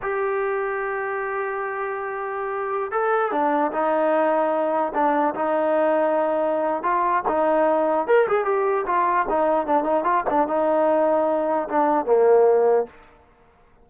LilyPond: \new Staff \with { instrumentName = "trombone" } { \time 4/4 \tempo 4 = 149 g'1~ | g'2.~ g'16 a'8.~ | a'16 d'4 dis'2~ dis'8.~ | dis'16 d'4 dis'2~ dis'8.~ |
dis'4 f'4 dis'2 | ais'8 gis'8 g'4 f'4 dis'4 | d'8 dis'8 f'8 d'8 dis'2~ | dis'4 d'4 ais2 | }